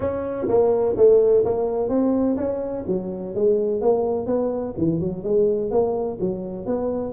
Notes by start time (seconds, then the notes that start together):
0.00 C#4
0.48 A#3
0.96 A3
1.44 A#3
1.88 C4
2.36 C#4
2.87 F#3
3.34 G#3
3.81 A#3
4.26 B3
4.77 E3
5.00 F#3
5.23 G#3
5.70 A#3
6.20 F#3
6.66 B3